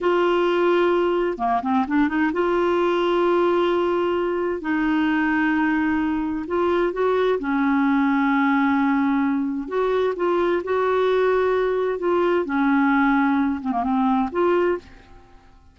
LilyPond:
\new Staff \with { instrumentName = "clarinet" } { \time 4/4 \tempo 4 = 130 f'2. ais8 c'8 | d'8 dis'8 f'2.~ | f'2 dis'2~ | dis'2 f'4 fis'4 |
cis'1~ | cis'4 fis'4 f'4 fis'4~ | fis'2 f'4 cis'4~ | cis'4. c'16 ais16 c'4 f'4 | }